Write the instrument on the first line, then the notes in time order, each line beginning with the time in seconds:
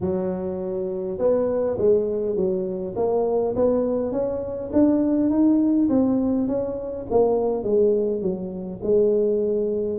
tuba
0.00 F#3
1.18 B3
1.78 G#3
2.36 F#3
2.96 A#3
3.55 B3
4.12 C#4
4.72 D4
5.29 D#4
5.89 C4
6.47 C#4
7.10 A#3
7.63 G#3
8.21 F#3
8.82 G#3